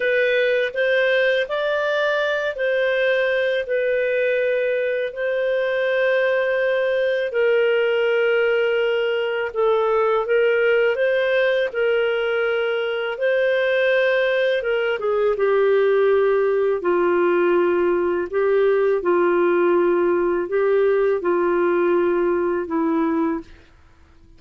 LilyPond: \new Staff \with { instrumentName = "clarinet" } { \time 4/4 \tempo 4 = 82 b'4 c''4 d''4. c''8~ | c''4 b'2 c''4~ | c''2 ais'2~ | ais'4 a'4 ais'4 c''4 |
ais'2 c''2 | ais'8 gis'8 g'2 f'4~ | f'4 g'4 f'2 | g'4 f'2 e'4 | }